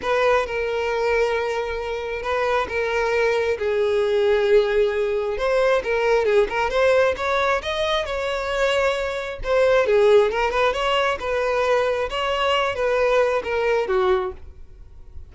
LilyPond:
\new Staff \with { instrumentName = "violin" } { \time 4/4 \tempo 4 = 134 b'4 ais'2.~ | ais'4 b'4 ais'2 | gis'1 | c''4 ais'4 gis'8 ais'8 c''4 |
cis''4 dis''4 cis''2~ | cis''4 c''4 gis'4 ais'8 b'8 | cis''4 b'2 cis''4~ | cis''8 b'4. ais'4 fis'4 | }